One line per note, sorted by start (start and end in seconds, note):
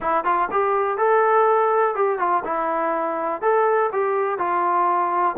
0.00 0.24 E4
0.24 0.48 F4
0.51 0.97 G4
0.97 1.95 A4
1.95 2.18 G4
2.18 2.43 F4
2.44 3.41 E4
3.41 3.90 A4
3.92 4.38 G4
4.38 5.36 F4